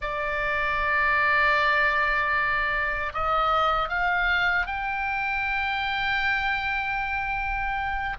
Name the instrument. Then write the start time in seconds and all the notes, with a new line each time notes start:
oboe
0.01 D5
3.13 D#5
3.88 F5
4.66 G5